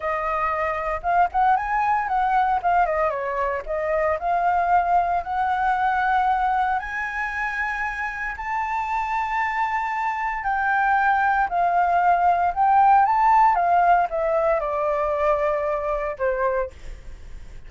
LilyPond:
\new Staff \with { instrumentName = "flute" } { \time 4/4 \tempo 4 = 115 dis''2 f''8 fis''8 gis''4 | fis''4 f''8 dis''8 cis''4 dis''4 | f''2 fis''2~ | fis''4 gis''2. |
a''1 | g''2 f''2 | g''4 a''4 f''4 e''4 | d''2. c''4 | }